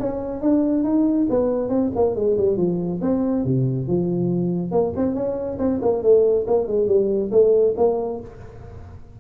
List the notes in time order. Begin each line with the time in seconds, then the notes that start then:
0.00 C#4
0.42 D4
0.84 D#4
1.30 B3
1.69 C4
1.96 A#3
2.16 G#3
2.38 G3
2.57 F3
3.02 C4
3.45 C3
3.88 F3
4.72 A#3
4.96 C4
5.15 C#4
5.59 C4
5.82 A#3
6.03 A3
6.47 A#3
6.67 G#3
6.88 G3
7.32 A3
7.77 A#3